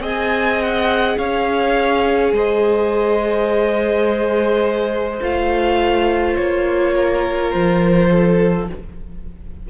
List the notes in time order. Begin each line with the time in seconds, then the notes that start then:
0.00 C4 G#4 D#5
0.06 G#5
0.62 F#5
1.17 C#4 C#5 F5
2.32 G#3 C5 D#5
5.20 A3 F4 F5
6.36 A#3 C#5
6.93 A#4
7.51 F3 C5
8.11 A4